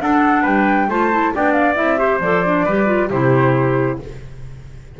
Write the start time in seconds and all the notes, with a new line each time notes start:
0.00 D4 A4 F#5
0.42 G3 B4 G5
0.88 A3 F4 C5 A5
1.11 E4
1.34 B3 D4 D5 G5
1.52 F5
1.75 C4 E4 E5
1.97 G4 C5
2.20 F3 A4 D5
2.45 D4
2.65 G3 G4 B4
2.85 F4
3.10 C3 E4 G4 C5